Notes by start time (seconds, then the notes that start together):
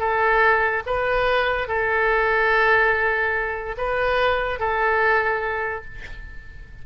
0.00 A4
0.87 B4
1.68 A4
3.78 B4
4.60 A4